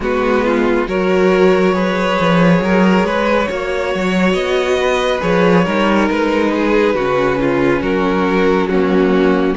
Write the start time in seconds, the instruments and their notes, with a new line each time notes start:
0.00 cello G#3, viola B3, violin F#4 B4
0.44 violin F4
0.87 cello F#3, viola F#4, violin A#4 C#5
1.73 viola G#4, violin B4
2.20 cello F3
2.60 cello F#3, violin A#4
3.03 cello G#3, violin B4
3.47 cello A#3, viola F#4, violin C#5
3.94 cello F#3
4.33 cello B3, violin D#5
4.80 violin B4
5.20 cello F3, viola G#4, violin C#5
5.64 cello G3, viola D#4, violin A#4
6.10 cello G#3, violin B4
6.54 violin G#4
6.94 cello C#3, viola C#4, violin F#4
7.41 violin F4
7.80 cello F#3, violin F#4 A#4
8.68 viola A#3, violin C#4 F#4